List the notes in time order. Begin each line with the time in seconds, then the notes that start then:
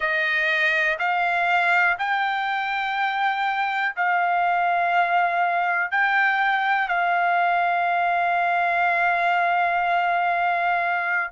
0.00 D#5
0.98 F5
1.98 G5
3.96 F5
5.91 G5
6.88 F5